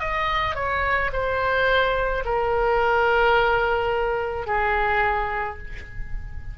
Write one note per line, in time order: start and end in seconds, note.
0.00 0.55 D#5
0.55 1.11 C#5
1.13 2.24 C5
2.25 4.47 A#4
4.47 5.58 G#4